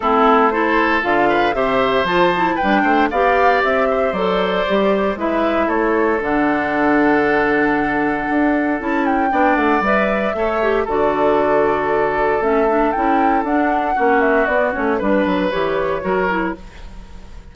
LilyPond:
<<
  \new Staff \with { instrumentName = "flute" } { \time 4/4 \tempo 4 = 116 a'4 c''4 f''4 e''4 | a''4 g''4 f''4 e''4 | d''2 e''4 cis''4 | fis''1~ |
fis''4 a''8 g''4 fis''8 e''4~ | e''4 d''2. | e''4 g''4 fis''4. e''8 | d''8 cis''8 b'4 cis''2 | }
  \new Staff \with { instrumentName = "oboe" } { \time 4/4 e'4 a'4. b'8 c''4~ | c''4 b'8 c''8 d''4. c''8~ | c''2 b'4 a'4~ | a'1~ |
a'2 d''2 | cis''4 a'2.~ | a'2. fis'4~ | fis'4 b'2 ais'4 | }
  \new Staff \with { instrumentName = "clarinet" } { \time 4/4 c'4 e'4 f'4 g'4 | f'8 e'8 d'4 g'2 | a'4 g'4 e'2 | d'1~ |
d'4 e'4 d'4 b'4 | a'8 g'8 fis'2. | cis'8 d'8 e'4 d'4 cis'4 | b8 cis'8 d'4 g'4 fis'8 e'8 | }
  \new Staff \with { instrumentName = "bassoon" } { \time 4/4 a2 d4 c4 | f4 g8 a8 b4 c'4 | fis4 g4 gis4 a4 | d1 |
d'4 cis'4 b8 a8 g4 | a4 d2. | a4 cis'4 d'4 ais4 | b8 a8 g8 fis8 e4 fis4 | }
>>